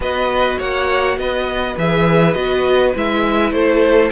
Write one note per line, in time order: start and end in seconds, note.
0.00 0.57 B3
0.00 1.77 F#4
0.00 0.58 B4
0.00 0.59 D#5
0.58 1.17 A#3
0.58 1.17 C#5
0.58 1.18 F#5
1.17 1.76 B3
1.17 3.54 B4
1.17 1.77 D#5
1.77 2.35 E3
1.77 2.34 G#4
1.77 2.33 E5
2.33 2.94 B3
2.33 2.93 F#4
2.33 2.92 D#5
2.95 3.51 G#3
2.95 4.11 E4
2.95 3.52 E5
3.51 4.10 A3
3.51 4.11 A4
3.51 4.11 C5